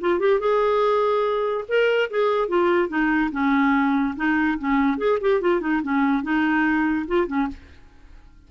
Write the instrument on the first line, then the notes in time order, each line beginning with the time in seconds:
clarinet
0.00 F4
0.19 G4
0.39 G#4
1.68 A#4
2.10 G#4
2.48 F4
2.88 D#4
3.31 C#4
4.16 D#4
4.58 C#4
4.97 G#4
5.20 G4
5.41 F4
5.60 D#4
5.82 C#4
6.23 D#4
7.07 F4
7.27 C#4